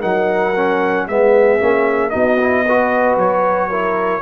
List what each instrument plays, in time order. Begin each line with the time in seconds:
0.00 tuba F#3, trombone D#4, horn A#4, trumpet F#5
0.55 trombone C#4
1.07 tuba G#3, trombone B3, horn G#4, trumpet E5
1.59 tuba A#3, trombone C#4
2.09 tuba B3, trombone D#4, horn F#4, trumpet D#5
2.39 trombone E4
2.64 trombone F#4, horn B4
3.16 tuba F#3, trumpet C#5
3.68 trombone E4, horn A#4